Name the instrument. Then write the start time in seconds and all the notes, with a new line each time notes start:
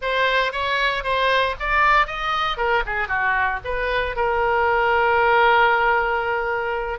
oboe
0.01 C5
0.52 C#5
1.03 C5
1.59 D5
2.06 D#5
2.57 A#4
2.86 G#4
3.08 F#4
3.64 B4
4.16 A#4